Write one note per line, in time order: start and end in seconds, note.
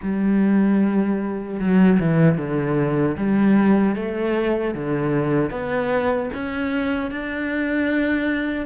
0.02 1.59 G3
1.59 1.99 F#3
1.99 2.37 E3
2.37 3.16 D3
3.17 3.95 G3
3.95 4.74 A3
4.74 5.50 D3
5.50 6.29 B3
6.33 7.11 C#4
7.11 8.66 D4